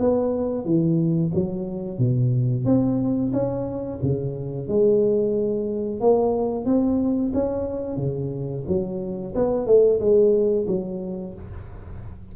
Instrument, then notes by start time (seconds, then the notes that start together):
tuba
0.00 B3
0.65 E3
1.35 F#3
1.99 B2
2.65 C4
3.33 C#4
4.02 C#3
4.68 G#3
6.01 A#3
6.65 C4
7.34 C#4
7.97 C#3
8.68 F#3
9.35 B3
9.66 A3
10.00 G#3
10.67 F#3